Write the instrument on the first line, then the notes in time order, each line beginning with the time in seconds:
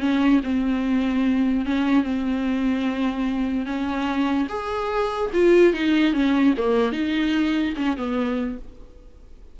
viola
0.00 C#4
0.44 C4
1.66 C#4
2.04 C4
3.66 C#4
4.50 G#4
5.34 F4
5.74 D#4
6.14 C#4
6.58 A#3
6.92 D#4
7.77 C#4
7.97 B3